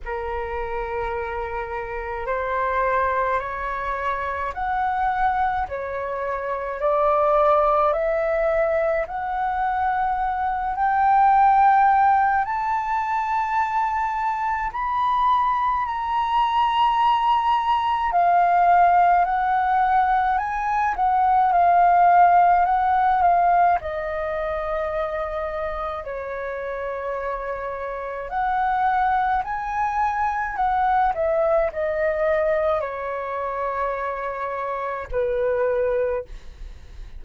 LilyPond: \new Staff \with { instrumentName = "flute" } { \time 4/4 \tempo 4 = 53 ais'2 c''4 cis''4 | fis''4 cis''4 d''4 e''4 | fis''4. g''4. a''4~ | a''4 b''4 ais''2 |
f''4 fis''4 gis''8 fis''8 f''4 | fis''8 f''8 dis''2 cis''4~ | cis''4 fis''4 gis''4 fis''8 e''8 | dis''4 cis''2 b'4 | }